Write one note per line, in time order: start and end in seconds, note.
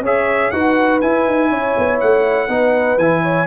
0.00 0.49 C#4
0.00 0.53 G#4
0.00 0.52 C#5
0.00 0.50 E5
0.50 1.01 D#4
0.50 1.02 F#4
0.50 1.49 B4
0.50 1.00 F#5
1.01 1.27 E4
1.01 2.49 E4
1.01 1.99 G#5
1.27 1.51 D#4
1.49 1.76 C#4
1.49 2.48 C#5
1.78 2.02 B3
2.00 2.48 A3
2.00 2.98 F#5
2.48 2.97 B3
2.48 2.98 D#4
2.48 3.22 B4
2.97 3.46 E3
2.97 3.46 E4
2.97 3.46 G#5
3.22 3.46 C#5